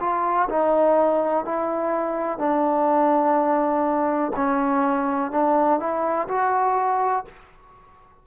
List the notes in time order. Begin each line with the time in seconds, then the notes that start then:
0.00 F4
0.50 D#4
1.45 E4
2.38 D4
4.36 C#4
5.31 D4
5.80 E4
6.29 F#4